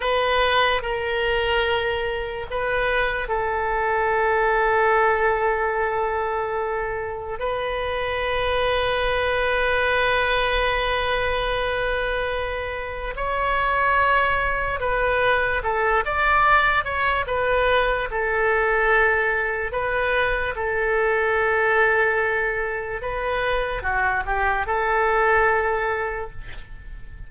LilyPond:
\new Staff \with { instrumentName = "oboe" } { \time 4/4 \tempo 4 = 73 b'4 ais'2 b'4 | a'1~ | a'4 b'2.~ | b'1 |
cis''2 b'4 a'8 d''8~ | d''8 cis''8 b'4 a'2 | b'4 a'2. | b'4 fis'8 g'8 a'2 | }